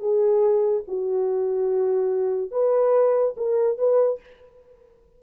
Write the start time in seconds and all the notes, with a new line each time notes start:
0.00 G#4
0.88 F#4
2.51 B4
3.37 A#4
3.78 B4